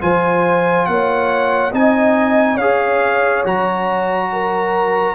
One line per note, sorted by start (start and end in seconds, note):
0.00 0.87 F3
0.00 1.71 F4
0.00 0.88 C5
0.00 0.86 G#5
0.86 1.72 A#3
0.86 1.72 C#5
0.86 1.71 F#5
1.72 2.57 C4
1.72 2.58 D#4
1.72 2.54 D#5
1.72 2.57 G#5
2.54 3.43 C#4
2.54 3.44 G#4
2.54 4.26 C#5
2.54 3.43 F5
3.44 5.14 F#3
3.44 5.14 F#4
3.44 5.14 A#5
4.32 5.14 A#4